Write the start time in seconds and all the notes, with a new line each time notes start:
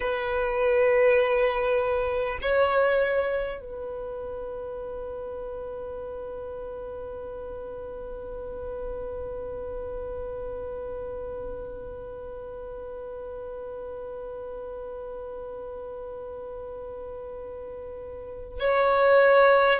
0.00 B4
2.41 C#5
3.60 B4
18.59 C#5